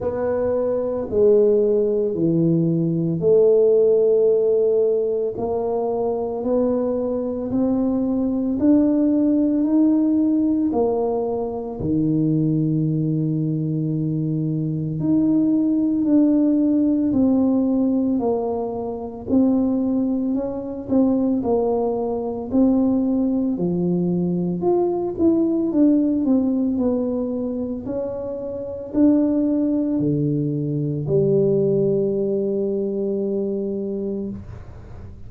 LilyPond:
\new Staff \with { instrumentName = "tuba" } { \time 4/4 \tempo 4 = 56 b4 gis4 e4 a4~ | a4 ais4 b4 c'4 | d'4 dis'4 ais4 dis4~ | dis2 dis'4 d'4 |
c'4 ais4 c'4 cis'8 c'8 | ais4 c'4 f4 f'8 e'8 | d'8 c'8 b4 cis'4 d'4 | d4 g2. | }